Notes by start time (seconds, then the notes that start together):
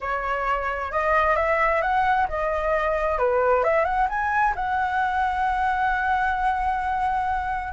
0.00 C#5
0.91 D#5
1.36 E5
1.81 F#5
2.28 D#5
3.18 B4
3.63 E5
3.84 F#5
4.09 G#5
4.55 F#5